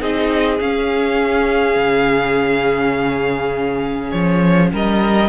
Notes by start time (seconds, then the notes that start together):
0.00 C4 D#4 G#4 D#5
0.59 C#4 F5
1.76 C#3
4.11 F3 C#5
4.72 G3 A#4 D#5